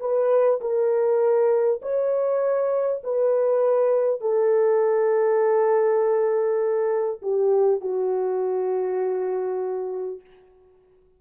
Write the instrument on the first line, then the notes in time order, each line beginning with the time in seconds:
horn
0.00 B4
0.61 A#4
1.82 C#5
3.04 B4
4.21 A4
7.22 G4
7.81 F#4